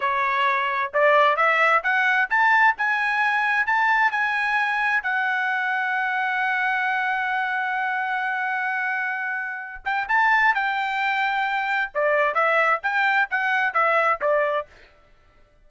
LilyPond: \new Staff \with { instrumentName = "trumpet" } { \time 4/4 \tempo 4 = 131 cis''2 d''4 e''4 | fis''4 a''4 gis''2 | a''4 gis''2 fis''4~ | fis''1~ |
fis''1~ | fis''4. g''8 a''4 g''4~ | g''2 d''4 e''4 | g''4 fis''4 e''4 d''4 | }